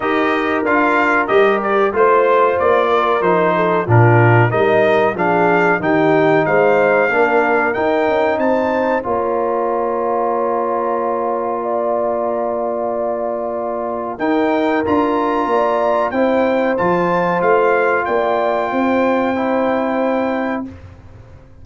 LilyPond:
<<
  \new Staff \with { instrumentName = "trumpet" } { \time 4/4 \tempo 4 = 93 dis''4 f''4 dis''8 d''8 c''4 | d''4 c''4 ais'4 dis''4 | f''4 g''4 f''2 | g''4 a''4 ais''2~ |
ais''1~ | ais''2 g''4 ais''4~ | ais''4 g''4 a''4 f''4 | g''1 | }
  \new Staff \with { instrumentName = "horn" } { \time 4/4 ais'2. c''4~ | c''8 ais'4 a'8 f'4 ais'4 | gis'4 g'4 c''4 ais'4~ | ais'4 c''4 cis''2~ |
cis''2 d''2~ | d''2 ais'2 | d''4 c''2. | d''4 c''2. | }
  \new Staff \with { instrumentName = "trombone" } { \time 4/4 g'4 f'4 g'4 f'4~ | f'4 dis'4 d'4 dis'4 | d'4 dis'2 d'4 | dis'2 f'2~ |
f'1~ | f'2 dis'4 f'4~ | f'4 e'4 f'2~ | f'2 e'2 | }
  \new Staff \with { instrumentName = "tuba" } { \time 4/4 dis'4 d'4 g4 a4 | ais4 f4 ais,4 g4 | f4 dis4 gis4 ais4 | dis'8 cis'8 c'4 ais2~ |
ais1~ | ais2 dis'4 d'4 | ais4 c'4 f4 a4 | ais4 c'2. | }
>>